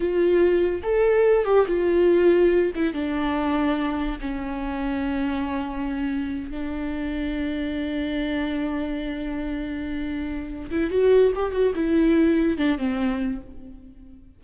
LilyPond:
\new Staff \with { instrumentName = "viola" } { \time 4/4 \tempo 4 = 143 f'2 a'4. g'8 | f'2~ f'8 e'8 d'4~ | d'2 cis'2~ | cis'2.~ cis'8 d'8~ |
d'1~ | d'1~ | d'4. e'8 fis'4 g'8 fis'8 | e'2 d'8 c'4. | }